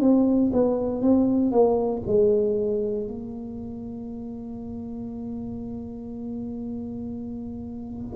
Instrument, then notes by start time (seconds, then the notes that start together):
tuba
0.00 C4
0.53 B3
1.02 C4
1.52 A#3
2.07 G#3
3.07 A#3